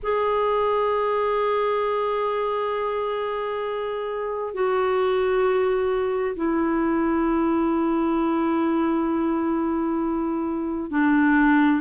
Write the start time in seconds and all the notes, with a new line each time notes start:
0.02 G#4
4.53 F#4
6.36 E4
10.90 D4